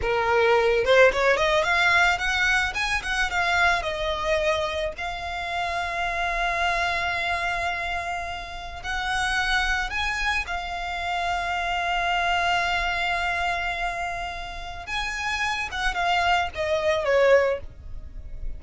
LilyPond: \new Staff \with { instrumentName = "violin" } { \time 4/4 \tempo 4 = 109 ais'4. c''8 cis''8 dis''8 f''4 | fis''4 gis''8 fis''8 f''4 dis''4~ | dis''4 f''2.~ | f''1 |
fis''2 gis''4 f''4~ | f''1~ | f''2. gis''4~ | gis''8 fis''8 f''4 dis''4 cis''4 | }